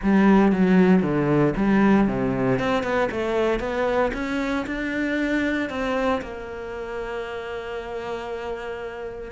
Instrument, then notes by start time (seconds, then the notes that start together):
cello
0.02 G3
0.51 F#3
1.02 D3
1.56 G3
2.07 C3
2.59 C4
2.83 B3
3.11 A3
3.59 B3
4.13 C#4
4.66 D4
5.69 C4
6.21 A#3